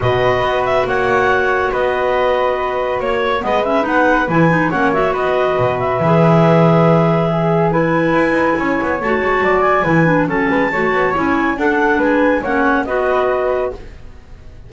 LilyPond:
<<
  \new Staff \with { instrumentName = "clarinet" } { \time 4/4 \tempo 4 = 140 dis''4. e''8 fis''2 | dis''2. cis''4 | dis''8 e''8 fis''4 gis''4 fis''8 e''8 | dis''4. e''2~ e''8~ |
e''2 gis''2~ | gis''4 a''4. gis''4. | a''2 gis''4 fis''4 | gis''4 fis''4 dis''2 | }
  \new Staff \with { instrumentName = "flute" } { \time 4/4 b'2 cis''2 | b'2. cis''4 | b'2. cis''4 | b'1~ |
b'4 gis'4 b'2 | cis''2 d''4 b'4 | a'8 b'8 cis''2 a'4 | b'4 cis''4 b'2 | }
  \new Staff \with { instrumentName = "clarinet" } { \time 4/4 fis'1~ | fis'1 | b8 cis'8 dis'4 e'8 dis'8 cis'8 fis'8~ | fis'2 gis'2~ |
gis'2 e'2~ | e'4 fis'2 e'8 d'8 | cis'4 fis'4 e'4 d'4~ | d'4 cis'4 fis'2 | }
  \new Staff \with { instrumentName = "double bass" } { \time 4/4 b,4 b4 ais2 | b2. ais4 | gis4 b4 e4 ais4 | b4 b,4 e2~ |
e2. e'8 dis'8 | cis'8 b8 a8 gis8 fis4 e4 | fis8 gis8 a8 b8 cis'4 d'4 | gis4 ais4 b2 | }
>>